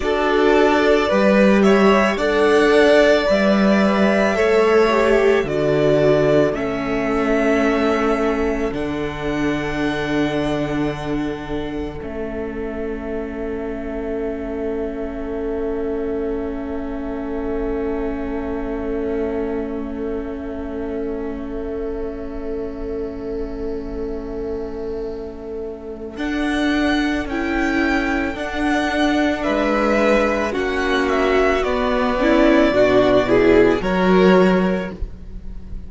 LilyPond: <<
  \new Staff \with { instrumentName = "violin" } { \time 4/4 \tempo 4 = 55 d''4. e''8 fis''4 e''4~ | e''4 d''4 e''2 | fis''2. e''4~ | e''1~ |
e''1~ | e''1 | fis''4 g''4 fis''4 e''4 | fis''8 e''8 d''2 cis''4 | }
  \new Staff \with { instrumentName = "violin" } { \time 4/4 a'4 b'8 cis''8 d''2 | cis''4 a'2.~ | a'1~ | a'1~ |
a'1~ | a'1~ | a'2. b'4 | fis'4. e'8 fis'8 gis'8 ais'4 | }
  \new Staff \with { instrumentName = "viola" } { \time 4/4 fis'4 g'4 a'4 b'4 | a'8 g'8 fis'4 cis'2 | d'2. cis'4~ | cis'1~ |
cis'1~ | cis'1 | d'4 e'4 d'2 | cis'4 b8 cis'8 d'8 e'8 fis'4 | }
  \new Staff \with { instrumentName = "cello" } { \time 4/4 d'4 g4 d'4 g4 | a4 d4 a2 | d2. a4~ | a1~ |
a1~ | a1 | d'4 cis'4 d'4 gis4 | ais4 b4 b,4 fis4 | }
>>